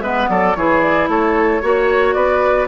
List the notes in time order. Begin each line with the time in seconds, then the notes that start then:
0.00 G#3 B3 B4 E5
0.29 F#3 A4 D5
0.55 E3 E4 G#4 C#5
0.81 D5
1.08 A3 A4 C#5
1.61 A#3 F#4 C#5
2.13 B3 B4 D5